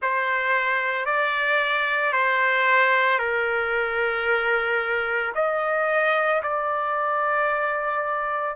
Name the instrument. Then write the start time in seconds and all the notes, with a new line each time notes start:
trumpet
0.01 C5
1.05 D5
2.12 C5
3.19 A#4
5.35 D#5
6.42 D5